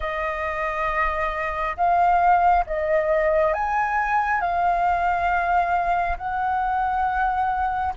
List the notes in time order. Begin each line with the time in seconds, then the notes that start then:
0.00 D#5
1.76 F5
2.66 D#5
3.53 G#5
4.40 F5
6.17 F#5